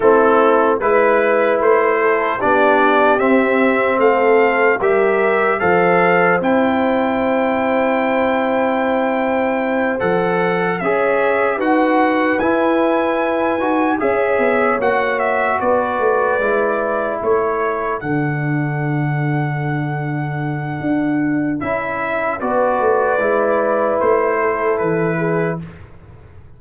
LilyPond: <<
  \new Staff \with { instrumentName = "trumpet" } { \time 4/4 \tempo 4 = 75 a'4 b'4 c''4 d''4 | e''4 f''4 e''4 f''4 | g''1~ | g''8 fis''4 e''4 fis''4 gis''8~ |
gis''4. e''4 fis''8 e''8 d''8~ | d''4. cis''4 fis''4.~ | fis''2. e''4 | d''2 c''4 b'4 | }
  \new Staff \with { instrumentName = "horn" } { \time 4/4 e'4 b'4. a'8 g'4~ | g'4 a'4 ais'4 c''4~ | c''1~ | c''4. cis''4 b'4.~ |
b'4. cis''2 b'8~ | b'4. a'2~ a'8~ | a'1 | b'2~ b'8 a'4 gis'8 | }
  \new Staff \with { instrumentName = "trombone" } { \time 4/4 c'4 e'2 d'4 | c'2 g'4 a'4 | e'1~ | e'8 a'4 gis'4 fis'4 e'8~ |
e'4 fis'8 gis'4 fis'4.~ | fis'8 e'2 d'4.~ | d'2. e'4 | fis'4 e'2. | }
  \new Staff \with { instrumentName = "tuba" } { \time 4/4 a4 gis4 a4 b4 | c'4 a4 g4 f4 | c'1~ | c'8 f4 cis'4 dis'4 e'8~ |
e'4 dis'8 cis'8 b8 ais4 b8 | a8 gis4 a4 d4.~ | d2 d'4 cis'4 | b8 a8 gis4 a4 e4 | }
>>